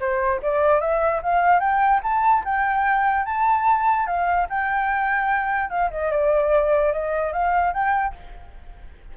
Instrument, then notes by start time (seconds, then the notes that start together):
flute
0.00 C5
0.42 D5
0.81 E5
1.23 F5
1.60 G5
2.03 A5
2.45 G5
3.26 A5
4.07 F5
4.49 G5
5.70 F5
5.91 D#5
6.11 D5
6.93 D#5
7.32 F5
7.73 G5